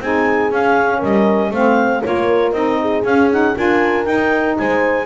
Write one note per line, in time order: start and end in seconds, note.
0.00 0.51 C4
0.00 0.51 D#4
0.00 0.98 G#4
0.00 0.53 G#5
0.51 1.02 C#4
0.51 1.53 C#4
0.51 1.02 F5
0.98 1.51 G3
0.98 1.49 A#4
0.98 1.53 D#5
1.51 2.02 A3
1.51 2.03 C4
1.51 2.03 C5
1.51 2.03 F5
2.03 2.53 A#3
2.03 2.53 F4
2.03 2.81 A#4
2.03 2.52 C#5
2.52 3.03 C4
2.52 3.04 D#4
2.52 3.02 D#5
2.81 3.56 G#4
3.04 3.54 C#4
3.04 3.30 C#4
3.04 3.31 F5
3.31 3.56 D#4
3.31 3.57 F#5
3.56 4.06 D4
3.56 4.05 F4
3.56 4.57 A#4
3.56 4.05 G#5
4.05 5.06 D#4
4.05 4.57 D#4
4.05 4.56 G5
4.57 5.06 G#3
4.57 5.06 C5
4.57 5.06 G#5